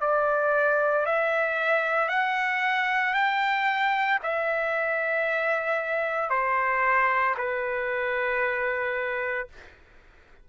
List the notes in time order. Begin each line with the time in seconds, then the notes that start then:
0.00 D5
1.05 E5
2.08 F#5
3.13 G5
4.22 E5
6.29 C5
7.37 B4